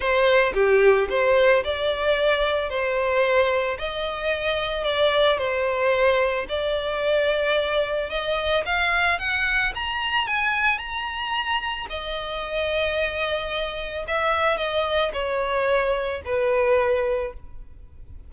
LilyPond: \new Staff \with { instrumentName = "violin" } { \time 4/4 \tempo 4 = 111 c''4 g'4 c''4 d''4~ | d''4 c''2 dis''4~ | dis''4 d''4 c''2 | d''2. dis''4 |
f''4 fis''4 ais''4 gis''4 | ais''2 dis''2~ | dis''2 e''4 dis''4 | cis''2 b'2 | }